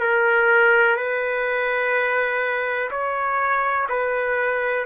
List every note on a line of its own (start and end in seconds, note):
0.00 0.96 A#4
0.96 2.90 B4
2.91 3.88 C#5
3.89 4.86 B4